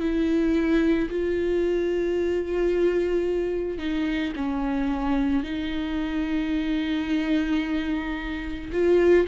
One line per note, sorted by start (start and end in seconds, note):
0.00 1.09 E4
1.10 3.79 F4
3.79 4.33 D#4
4.36 5.43 C#4
5.43 8.71 D#4
8.73 9.27 F4